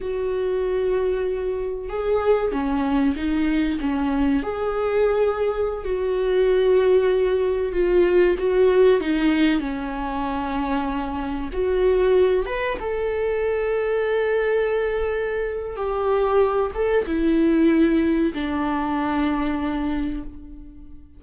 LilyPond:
\new Staff \with { instrumentName = "viola" } { \time 4/4 \tempo 4 = 95 fis'2. gis'4 | cis'4 dis'4 cis'4 gis'4~ | gis'4~ gis'16 fis'2~ fis'8.~ | fis'16 f'4 fis'4 dis'4 cis'8.~ |
cis'2~ cis'16 fis'4. b'16~ | b'16 a'2.~ a'8.~ | a'4 g'4. a'8 e'4~ | e'4 d'2. | }